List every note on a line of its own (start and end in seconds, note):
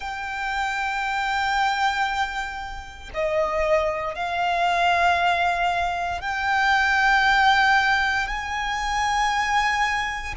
0.00 3.09 G5
3.14 4.14 D#5
4.14 6.21 F5
6.21 8.27 G5
8.27 10.34 G#5